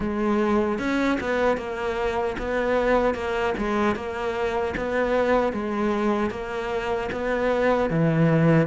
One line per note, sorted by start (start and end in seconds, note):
0.00 0.79 G#3
0.79 1.18 C#4
1.20 1.57 B3
1.57 2.36 A#3
2.38 3.14 B3
3.14 3.53 A#3
3.57 3.95 G#3
3.95 4.74 A#3
4.76 5.52 B3
5.52 6.30 G#3
6.30 7.09 A#3
7.12 7.89 B3
7.89 8.67 E3